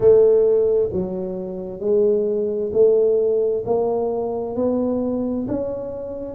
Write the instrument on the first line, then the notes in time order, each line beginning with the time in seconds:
tuba
0.00 A3
0.92 F#3
1.79 G#3
2.73 A3
3.65 A#3
4.55 B3
5.47 C#4